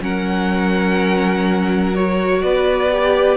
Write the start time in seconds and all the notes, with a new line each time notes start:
0.00 F#3 C#4 A#4 F#5
1.94 F#4 C#5
2.42 B3 B4 D5
2.91 G4